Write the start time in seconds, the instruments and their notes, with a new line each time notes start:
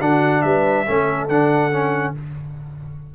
0.00 tuba D3, trombone D4, horn F#4, trumpet F#5
0.41 tuba G3, horn B4, trumpet E5
0.86 tuba A3, trombone C#4, horn A4
1.28 tuba D3, trombone D4, trumpet F#5
1.72 trombone C#4